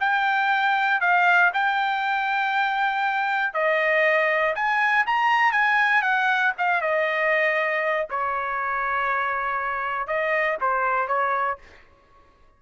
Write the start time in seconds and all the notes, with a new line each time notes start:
0.00 G5
1.01 F5
1.53 G5
3.54 D#5
4.55 G#5
5.06 A#5
5.52 G#5
6.02 F#5
6.58 F5
6.81 D#5
8.10 C#5
10.07 D#5
10.61 C5
11.07 C#5